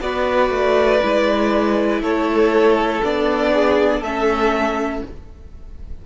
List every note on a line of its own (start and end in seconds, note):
0.00 0.50 B3
0.00 1.01 F#4
0.00 2.01 B4
0.00 2.01 D5
0.50 1.00 A3
1.02 2.01 G#3
1.02 3.02 E4
2.01 3.01 A3
2.01 3.51 A4
2.01 3.03 C#5
3.03 4.02 B3
3.03 4.03 D4
3.03 4.03 D5
3.53 3.99 G#4
3.99 5.02 A3
3.99 4.99 A4
3.99 5.03 E5
4.06 5.06 C#4